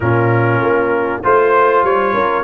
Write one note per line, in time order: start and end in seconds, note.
0.00 0.61 A#2
0.00 1.23 C#4
0.00 1.23 F4
0.00 1.22 A#4
0.61 1.22 A#3
1.23 1.83 A3
1.23 2.43 F4
1.23 2.13 C5
1.23 1.84 C5
1.83 2.13 G3
1.83 2.43 C#5
2.13 2.43 C#4
2.13 2.43 A#4